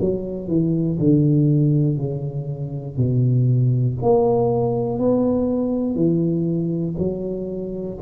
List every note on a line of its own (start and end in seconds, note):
0.00 0.48 F#3
0.48 0.98 E3
0.99 1.98 D3
1.98 2.97 C#3
2.97 3.97 B2
4.02 4.98 A#3
4.98 5.95 B3
5.95 6.95 E3
6.98 7.98 F#3